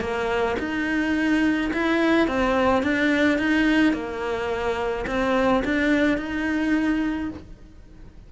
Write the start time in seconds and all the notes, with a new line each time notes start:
0.00 A#3
0.59 D#4
1.73 E4
2.27 C4
2.82 D4
3.38 D#4
3.93 A#3
5.07 C4
5.64 D4
6.17 D#4